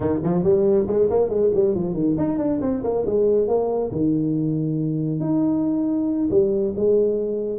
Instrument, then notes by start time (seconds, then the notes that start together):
tuba
0.00 D#3
0.23 F3
0.43 G3
0.87 G#3
1.10 A#3
1.29 G#3
1.54 G3
1.75 F3
1.93 D#3
2.17 D#4
2.38 D4
2.61 C4
2.83 A#3
3.06 G#3
3.47 A#3
3.91 D#3
5.20 D#4
6.30 G3
6.75 G#3